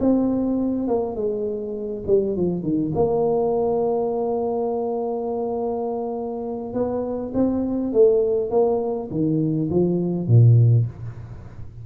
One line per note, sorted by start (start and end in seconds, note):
0.00 0.88 C4
0.88 1.16 A#3
1.16 2.04 G#3
2.07 2.36 G3
2.37 2.63 F3
2.63 2.92 D#3
2.95 6.74 A#3
6.74 7.33 B3
7.34 7.93 C4
7.93 8.51 A3
8.51 9.09 A#3
9.11 9.70 D#3
9.70 10.27 F3
10.27 10.86 A#2